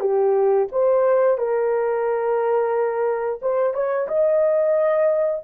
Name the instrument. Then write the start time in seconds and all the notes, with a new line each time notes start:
horn
0.00 G4
0.71 C5
1.37 A#4
3.41 C5
3.73 C#5
4.08 D#5